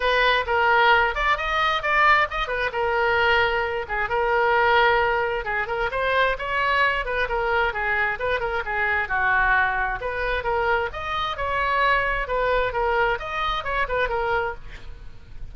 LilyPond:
\new Staff \with { instrumentName = "oboe" } { \time 4/4 \tempo 4 = 132 b'4 ais'4. d''8 dis''4 | d''4 dis''8 b'8 ais'2~ | ais'8 gis'8 ais'2. | gis'8 ais'8 c''4 cis''4. b'8 |
ais'4 gis'4 b'8 ais'8 gis'4 | fis'2 b'4 ais'4 | dis''4 cis''2 b'4 | ais'4 dis''4 cis''8 b'8 ais'4 | }